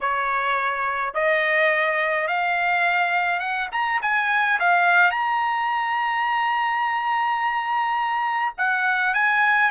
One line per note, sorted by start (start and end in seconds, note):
0.01 1.14 C#5
1.14 2.27 D#5
2.27 3.39 F5
3.39 3.68 F#5
3.72 4.00 A#5
4.02 4.59 G#5
4.59 5.10 F5
5.10 8.53 A#5
8.57 9.14 F#5
9.14 9.71 G#5